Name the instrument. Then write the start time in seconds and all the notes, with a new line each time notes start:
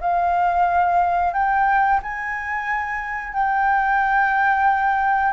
flute
0.00 F5
1.33 G5
2.02 G#5
3.33 G5